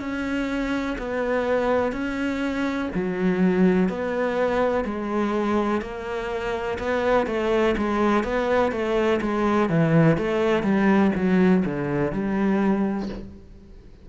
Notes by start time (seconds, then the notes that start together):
0.00 C#4
0.98 B3
1.92 C#4
2.95 F#3
3.89 B3
4.85 G#3
5.82 A#3
6.79 B3
7.27 A3
7.78 G#3
8.24 B3
8.72 A3
9.22 G#3
9.70 E3
10.17 A3
10.63 G3
11.16 F#3
11.65 D3
12.12 G3